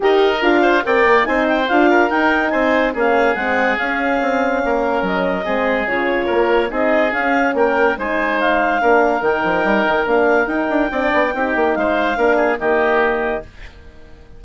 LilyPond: <<
  \new Staff \with { instrumentName = "clarinet" } { \time 4/4 \tempo 4 = 143 dis''4 f''4 g''4 gis''8 g''8 | f''4 g''4 gis''4 f''4 | fis''4 f''2. | dis''2 cis''2 |
dis''4 f''4 g''4 gis''4 | f''2 g''2 | f''4 g''2. | f''2 dis''2 | }
  \new Staff \with { instrumentName = "oboe" } { \time 4/4 ais'4. c''8 d''4 c''4~ | c''8 ais'4. c''4 gis'4~ | gis'2. ais'4~ | ais'4 gis'2 ais'4 |
gis'2 ais'4 c''4~ | c''4 ais'2.~ | ais'2 d''4 g'4 | c''4 ais'8 gis'8 g'2 | }
  \new Staff \with { instrumentName = "horn" } { \time 4/4 g'4 f'4 ais'4 dis'4 | f'4 dis'2 cis'4 | c'4 cis'2.~ | cis'4 c'4 f'2 |
dis'4 cis'2 dis'4~ | dis'4 d'4 dis'2 | d'4 dis'4 d'4 dis'4~ | dis'4 d'4 ais2 | }
  \new Staff \with { instrumentName = "bassoon" } { \time 4/4 dis'4 d'4 c'8 ais8 c'4 | d'4 dis'4 c'4 ais4 | gis4 cis'4 c'4 ais4 | fis4 gis4 cis4 ais4 |
c'4 cis'4 ais4 gis4~ | gis4 ais4 dis8 f8 g8 dis8 | ais4 dis'8 d'8 c'8 b8 c'8 ais8 | gis4 ais4 dis2 | }
>>